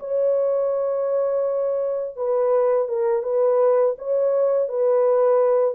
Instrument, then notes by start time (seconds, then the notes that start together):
horn
0.00 C#5
2.17 B4
2.88 A#4
3.23 B4
3.99 C#5
4.69 B4